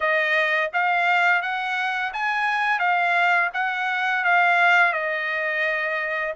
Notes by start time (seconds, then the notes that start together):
0.00 D#5
0.73 F5
1.41 F#5
2.13 G#5
2.79 F5
3.53 F#5
4.24 F5
4.93 D#5